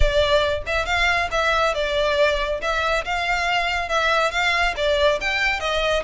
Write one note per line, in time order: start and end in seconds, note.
0.00 0.62 D5
0.66 0.85 E5
0.85 1.28 F5
1.31 1.74 E5
1.74 2.60 D5
2.61 3.04 E5
3.04 3.88 F5
3.88 4.31 E5
4.31 4.74 F5
4.76 5.19 D5
5.21 5.60 G5
5.60 6.03 D#5